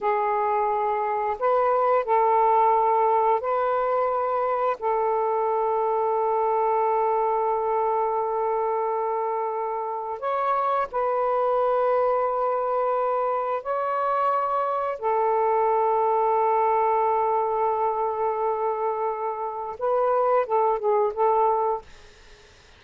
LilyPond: \new Staff \with { instrumentName = "saxophone" } { \time 4/4 \tempo 4 = 88 gis'2 b'4 a'4~ | a'4 b'2 a'4~ | a'1~ | a'2. cis''4 |
b'1 | cis''2 a'2~ | a'1~ | a'4 b'4 a'8 gis'8 a'4 | }